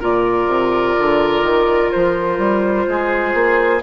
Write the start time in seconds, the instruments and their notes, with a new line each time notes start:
0.00 bassoon A#2, clarinet F4, oboe A#4, flute D5
0.47 bassoon C3
0.99 bassoon D3
1.42 bassoon D#3
1.91 bassoon F3, flute C5
2.38 bassoon G3
2.88 bassoon G#3, oboe G#4
3.34 bassoon A#3